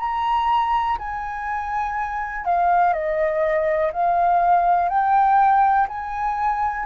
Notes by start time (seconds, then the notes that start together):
0.00 A#5
0.99 G#5
2.46 F5
2.94 D#5
3.93 F5
4.90 G5
5.88 G#5